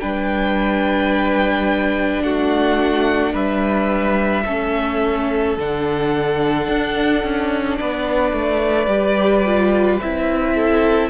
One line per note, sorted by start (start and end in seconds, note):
0.00 2.23 G3
0.00 4.45 D4
0.00 2.24 B4
0.00 2.22 G5
2.23 3.34 A3
2.23 3.33 F#4
2.23 3.34 F#5
3.33 4.45 G3
3.33 4.44 B4
3.33 5.58 E5
4.46 5.57 A3
4.46 5.58 C#4
4.46 7.79 A4
5.57 6.68 D3
5.57 8.88 D4
5.57 7.77 F#5
6.68 7.23 D4
7.23 7.79 C#4
7.77 8.33 B3
7.77 10.55 B4
7.77 10.00 D5
8.33 8.87 A3
8.87 9.98 G3
8.87 9.44 G4
9.46 10.02 F4
10.02 11.10 C4
10.02 11.10 E4
10.02 11.10 E5
10.55 11.10 A4